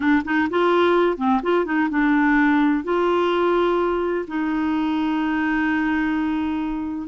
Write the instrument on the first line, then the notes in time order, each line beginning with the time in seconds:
clarinet
0.00 D4
0.24 D#4
0.49 F4
1.17 C4
1.42 F4
1.65 D#4
1.90 D4
2.83 F4
4.27 D#4